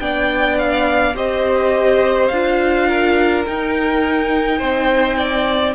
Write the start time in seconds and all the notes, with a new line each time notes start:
0.00 B3 D4 D5 G5
0.59 F5
1.15 C4 G4 C5 D#5
2.28 D4 F4 F5
2.88 A#4
3.46 D#4 G5
4.58 C4 C5
5.18 D5